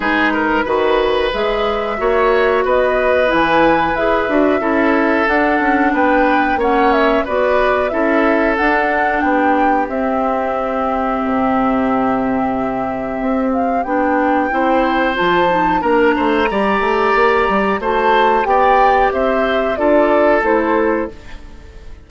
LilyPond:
<<
  \new Staff \with { instrumentName = "flute" } { \time 4/4 \tempo 4 = 91 b'2 e''2 | dis''4 gis''4 e''2 | fis''4 g''4 fis''8 e''8 d''4 | e''4 fis''4 g''4 e''4~ |
e''1~ | e''8 f''8 g''2 a''4 | ais''2. a''4 | g''4 e''4 d''4 c''4 | }
  \new Staff \with { instrumentName = "oboe" } { \time 4/4 gis'8 ais'8 b'2 cis''4 | b'2. a'4~ | a'4 b'4 cis''4 b'4 | a'2 g'2~ |
g'1~ | g'2 c''2 | ais'8 c''8 d''2 c''4 | d''4 c''4 a'2 | }
  \new Staff \with { instrumentName = "clarinet" } { \time 4/4 dis'4 fis'4 gis'4 fis'4~ | fis'4 e'4 gis'8 fis'8 e'4 | d'2 cis'4 fis'4 | e'4 d'2 c'4~ |
c'1~ | c'4 d'4 e'4 f'8 dis'8 | d'4 g'2 fis'4 | g'2 f'4 e'4 | }
  \new Staff \with { instrumentName = "bassoon" } { \time 4/4 gis4 dis4 gis4 ais4 | b4 e4 e'8 d'8 cis'4 | d'8 cis'8 b4 ais4 b4 | cis'4 d'4 b4 c'4~ |
c'4 c2. | c'4 b4 c'4 f4 | ais8 a8 g8 a8 ais8 g8 a4 | b4 c'4 d'4 a4 | }
>>